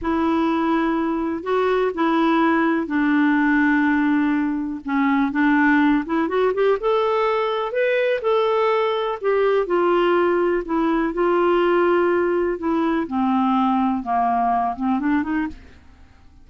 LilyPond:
\new Staff \with { instrumentName = "clarinet" } { \time 4/4 \tempo 4 = 124 e'2. fis'4 | e'2 d'2~ | d'2 cis'4 d'4~ | d'8 e'8 fis'8 g'8 a'2 |
b'4 a'2 g'4 | f'2 e'4 f'4~ | f'2 e'4 c'4~ | c'4 ais4. c'8 d'8 dis'8 | }